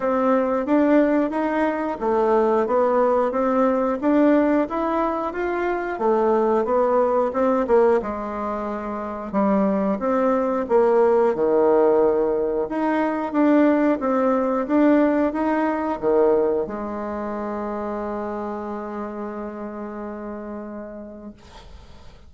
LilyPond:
\new Staff \with { instrumentName = "bassoon" } { \time 4/4 \tempo 4 = 90 c'4 d'4 dis'4 a4 | b4 c'4 d'4 e'4 | f'4 a4 b4 c'8 ais8 | gis2 g4 c'4 |
ais4 dis2 dis'4 | d'4 c'4 d'4 dis'4 | dis4 gis2.~ | gis1 | }